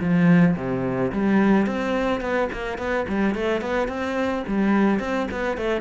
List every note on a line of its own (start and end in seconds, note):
0.00 0.56 F3
0.56 1.12 C3
1.12 1.67 G3
1.67 2.21 C4
2.21 2.49 B3
2.53 2.78 A#3
2.78 3.06 B3
3.09 3.35 G3
3.35 3.61 A3
3.61 3.88 B3
3.88 4.44 C4
4.47 5.00 G3
5.00 5.28 C4
5.31 5.58 B3
5.58 5.81 A3